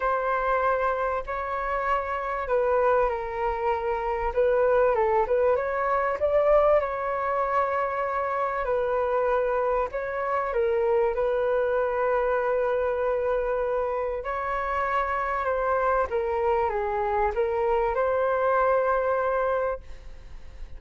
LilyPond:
\new Staff \with { instrumentName = "flute" } { \time 4/4 \tempo 4 = 97 c''2 cis''2 | b'4 ais'2 b'4 | a'8 b'8 cis''4 d''4 cis''4~ | cis''2 b'2 |
cis''4 ais'4 b'2~ | b'2. cis''4~ | cis''4 c''4 ais'4 gis'4 | ais'4 c''2. | }